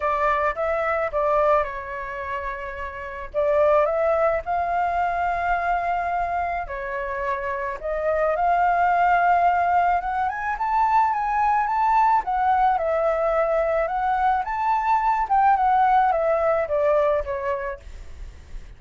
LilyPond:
\new Staff \with { instrumentName = "flute" } { \time 4/4 \tempo 4 = 108 d''4 e''4 d''4 cis''4~ | cis''2 d''4 e''4 | f''1 | cis''2 dis''4 f''4~ |
f''2 fis''8 gis''8 a''4 | gis''4 a''4 fis''4 e''4~ | e''4 fis''4 a''4. g''8 | fis''4 e''4 d''4 cis''4 | }